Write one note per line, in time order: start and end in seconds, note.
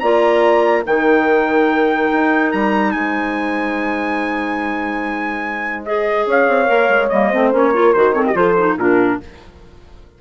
0.00 0.86 A#3
0.00 0.84 F4
0.00 0.85 D5
0.00 0.83 A#5
0.84 2.11 D#3
0.84 5.84 D#4
0.84 2.95 A#4
0.84 2.52 G5
2.12 2.53 D#4
2.52 2.94 G3
2.52 2.91 A#5
2.91 6.26 G#3
2.91 6.26 C5
2.91 5.83 G#5
5.85 6.66 G#4
5.85 6.27 D#5
6.26 6.47 C#4
6.26 7.30 C#5
6.26 7.09 F5
6.48 6.68 C4
6.66 6.89 A#3
6.66 7.08 A#4
6.89 7.10 G#3
7.09 7.32 G3
7.09 7.32 A#3
7.09 7.51 D#5
7.30 7.53 A3
7.30 7.52 C4
7.30 7.71 C5
7.52 7.94 A#3
7.52 7.72 C#4
7.52 7.94 C#5
7.71 7.94 F4
7.71 8.13 A#4
7.94 8.35 D#3
7.94 8.13 F#4
7.94 8.13 C5
8.13 8.33 C4
8.13 8.26 A4
8.13 8.23 C#5
8.26 8.36 G4
8.26 8.36 D#5
8.34 8.76 F3
8.34 8.55 F4
8.34 8.79 A4
8.34 8.78 C5
8.57 8.78 D#4
8.76 9.18 A#2
8.76 9.20 D4
8.76 9.21 F4
8.76 9.20 A#4